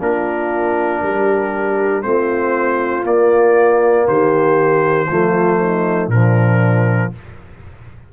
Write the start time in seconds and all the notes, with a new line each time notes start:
0.00 A#3 D4 F4 A#4
1.03 G3 G4
2.03 A3 C4 F4 C5
3.04 A#3 D5
4.08 D#3 G4 C5
5.07 F3 A3 F4
5.59 D#4
6.08 A#2 F3 D4 A#4